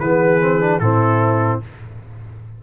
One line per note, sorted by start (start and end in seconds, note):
0.00 0.80 E3
0.00 0.41 B3
0.00 0.82 G#4
0.00 0.80 B4
0.41 0.61 C4
0.61 0.81 D4
0.80 1.60 A2
0.80 1.62 C4
0.80 1.63 E4
0.80 1.60 A4